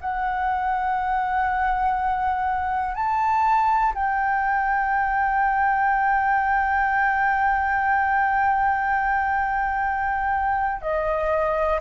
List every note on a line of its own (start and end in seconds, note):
0.00 2.95 F#5
2.95 3.93 A5
3.94 10.82 G5
10.82 11.80 D#5